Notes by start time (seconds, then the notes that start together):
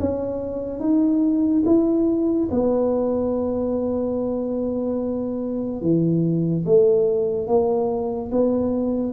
0.00 C#4
0.80 D#4
1.66 E4
2.51 B3
5.81 E3
6.66 A3
7.47 A#3
8.31 B3